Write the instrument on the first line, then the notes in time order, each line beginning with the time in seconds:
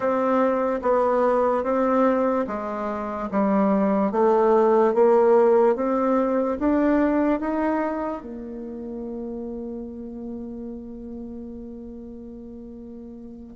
bassoon
0.00 C4
0.82 B3
1.63 C4
2.47 G#3
3.31 G3
4.11 A3
4.94 A#3
5.75 C4
6.59 D4
7.40 D#4
8.22 A#3